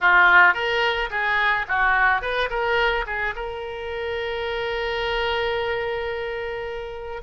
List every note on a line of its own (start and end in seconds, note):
0.01 0.54 F4
0.54 1.09 A#4
1.10 1.66 G#4
1.68 2.21 F#4
2.21 2.49 B4
2.49 3.05 A#4
3.06 3.34 G#4
3.35 7.22 A#4